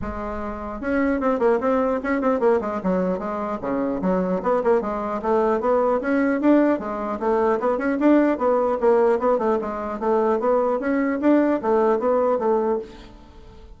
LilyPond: \new Staff \with { instrumentName = "bassoon" } { \time 4/4 \tempo 4 = 150 gis2 cis'4 c'8 ais8 | c'4 cis'8 c'8 ais8 gis8 fis4 | gis4 cis4 fis4 b8 ais8 | gis4 a4 b4 cis'4 |
d'4 gis4 a4 b8 cis'8 | d'4 b4 ais4 b8 a8 | gis4 a4 b4 cis'4 | d'4 a4 b4 a4 | }